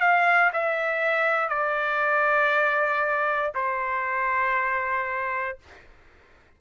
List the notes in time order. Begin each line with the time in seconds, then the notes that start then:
0.00 F5
0.53 E5
1.49 D5
3.55 C5